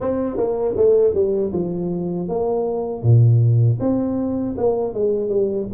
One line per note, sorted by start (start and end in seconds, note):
0.00 0.36 C4
0.36 0.74 A#3
0.76 1.14 A3
1.14 1.52 G3
1.52 2.28 F3
2.28 3.02 A#3
3.02 3.78 A#2
3.80 4.56 C4
4.57 4.93 A#3
4.93 5.29 G#3
5.29 5.67 G3